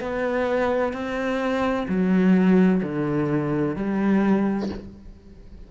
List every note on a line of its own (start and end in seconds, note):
0.00 0.92 B3
0.92 1.86 C4
1.88 2.82 F#3
2.82 3.75 D3
3.75 4.69 G3